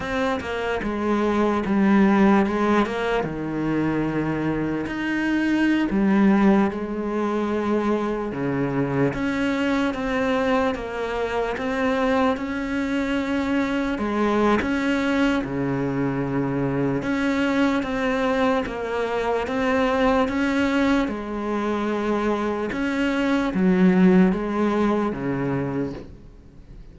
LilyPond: \new Staff \with { instrumentName = "cello" } { \time 4/4 \tempo 4 = 74 c'8 ais8 gis4 g4 gis8 ais8 | dis2 dis'4~ dis'16 g8.~ | g16 gis2 cis4 cis'8.~ | cis'16 c'4 ais4 c'4 cis'8.~ |
cis'4~ cis'16 gis8. cis'4 cis4~ | cis4 cis'4 c'4 ais4 | c'4 cis'4 gis2 | cis'4 fis4 gis4 cis4 | }